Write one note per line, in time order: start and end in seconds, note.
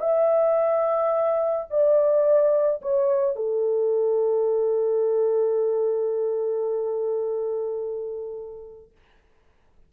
0.00 1.67 E5
1.70 2.81 D5
2.82 3.36 C#5
3.36 8.91 A4